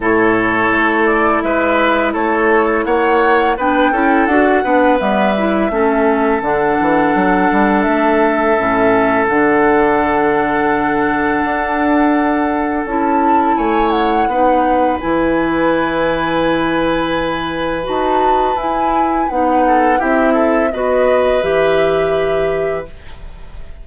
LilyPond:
<<
  \new Staff \with { instrumentName = "flute" } { \time 4/4 \tempo 4 = 84 cis''4. d''8 e''4 cis''4 | fis''4 g''4 fis''4 e''4~ | e''4 fis''2 e''4~ | e''4 fis''2.~ |
fis''2 a''4 gis''8 fis''8~ | fis''4 gis''2.~ | gis''4 a''4 gis''4 fis''4 | e''4 dis''4 e''2 | }
  \new Staff \with { instrumentName = "oboe" } { \time 4/4 a'2 b'4 a'4 | cis''4 b'8 a'4 b'4. | a'1~ | a'1~ |
a'2. cis''4 | b'1~ | b'2.~ b'8 a'8 | g'8 a'8 b'2. | }
  \new Staff \with { instrumentName = "clarinet" } { \time 4/4 e'1~ | e'4 d'8 e'8 fis'8 d'8 b8 e'8 | cis'4 d'2. | cis'4 d'2.~ |
d'2 e'2 | dis'4 e'2.~ | e'4 fis'4 e'4 dis'4 | e'4 fis'4 g'2 | }
  \new Staff \with { instrumentName = "bassoon" } { \time 4/4 a,4 a4 gis4 a4 | ais4 b8 cis'8 d'8 b8 g4 | a4 d8 e8 fis8 g8 a4 | a,4 d2. |
d'2 cis'4 a4 | b4 e2.~ | e4 dis'4 e'4 b4 | c'4 b4 e2 | }
>>